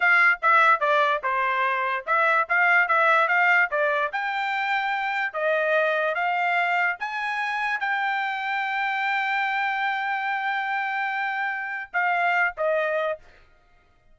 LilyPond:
\new Staff \with { instrumentName = "trumpet" } { \time 4/4 \tempo 4 = 146 f''4 e''4 d''4 c''4~ | c''4 e''4 f''4 e''4 | f''4 d''4 g''2~ | g''4 dis''2 f''4~ |
f''4 gis''2 g''4~ | g''1~ | g''1~ | g''4 f''4. dis''4. | }